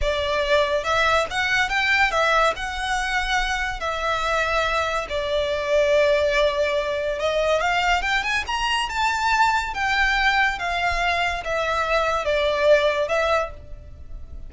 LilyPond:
\new Staff \with { instrumentName = "violin" } { \time 4/4 \tempo 4 = 142 d''2 e''4 fis''4 | g''4 e''4 fis''2~ | fis''4 e''2. | d''1~ |
d''4 dis''4 f''4 g''8 gis''8 | ais''4 a''2 g''4~ | g''4 f''2 e''4~ | e''4 d''2 e''4 | }